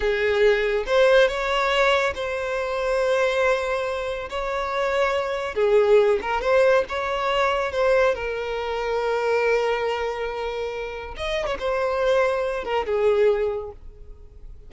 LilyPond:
\new Staff \with { instrumentName = "violin" } { \time 4/4 \tempo 4 = 140 gis'2 c''4 cis''4~ | cis''4 c''2.~ | c''2 cis''2~ | cis''4 gis'4. ais'8 c''4 |
cis''2 c''4 ais'4~ | ais'1~ | ais'2 dis''8. cis''16 c''4~ | c''4. ais'8 gis'2 | }